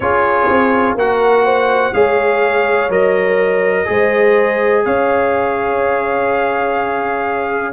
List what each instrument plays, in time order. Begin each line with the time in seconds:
0.00 tuba C#4, trombone F4, horn G#4, trumpet C#5
0.48 tuba C4
0.95 tuba A#3, trombone F#4, horn A#4, trumpet F#5
1.45 horn C5
1.93 tuba G#3, trombone G#4, horn C#5, trumpet F5
2.89 tuba F#3, trombone A#4, trumpet D#5
3.85 tuba G#3, trombone G#4, horn C5
4.84 tuba C#4, horn C#5, trumpet F5